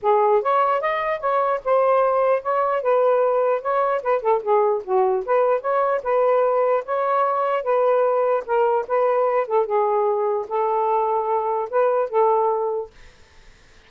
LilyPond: \new Staff \with { instrumentName = "saxophone" } { \time 4/4 \tempo 4 = 149 gis'4 cis''4 dis''4 cis''4 | c''2 cis''4 b'4~ | b'4 cis''4 b'8 a'8 gis'4 | fis'4 b'4 cis''4 b'4~ |
b'4 cis''2 b'4~ | b'4 ais'4 b'4. a'8 | gis'2 a'2~ | a'4 b'4 a'2 | }